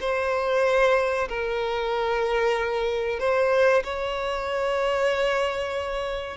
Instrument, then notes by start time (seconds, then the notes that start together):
violin
0.00 C5
1.28 A#4
3.19 C5
3.84 C#5